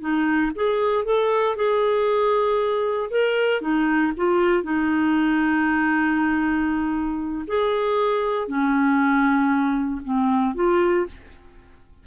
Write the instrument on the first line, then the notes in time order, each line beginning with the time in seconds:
clarinet
0.00 D#4
0.55 G#4
1.04 A4
1.56 G#4
3.10 A#4
3.61 D#4
4.16 F4
4.63 D#4
7.47 G#4
8.47 C#4
10.04 C4
10.55 F4